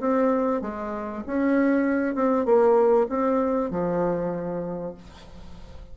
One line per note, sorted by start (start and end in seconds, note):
0.00 0.62 C4
0.62 1.23 G#3
1.27 2.15 C#4
2.15 2.45 C4
2.45 3.07 A#3
3.09 3.71 C4
3.71 4.94 F3